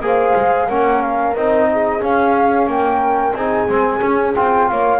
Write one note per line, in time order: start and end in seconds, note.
0.00 0.33 A#3
0.00 0.68 G#4
0.00 0.67 C5
0.07 0.68 F5
0.35 0.69 G#3
0.67 1.34 A#3
0.67 1.36 C#4
0.67 1.67 A#4
0.67 1.01 F#5
1.01 1.35 F5
1.34 2.01 C4
1.34 2.00 D#4
1.34 2.02 D#5
1.72 2.70 G#4
2.00 3.33 C#4
2.00 2.66 C#4
2.00 2.69 F5
2.66 3.33 A#3
2.66 3.37 A#4
2.66 3.33 G5
3.33 3.67 C4
3.33 3.68 D#4
3.33 4.70 G#4
3.33 4.33 G#5
3.68 4.01 G#3
3.68 3.99 C4
3.99 4.32 C#4
3.99 4.35 C#4
4.35 4.71 C4
4.35 4.99 F4
4.35 4.68 G5
4.68 4.99 A#3
4.68 4.99 C#5
4.68 4.99 F5